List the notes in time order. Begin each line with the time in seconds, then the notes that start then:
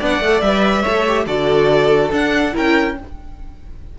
0.00 B3 D4 D5 F#5
0.20 A3 A4
0.40 G3 B4 E5
0.82 A3 A4 C#5
1.07 G4
1.26 D3 F#4 A4 D5
2.11 D4 F#5
2.53 C#4 E4 A#4 G5